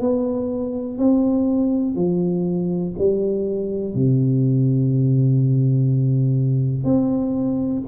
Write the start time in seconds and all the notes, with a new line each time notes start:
0.00 B3
0.98 C4
1.95 F3
2.98 G3
3.95 C3
6.85 C4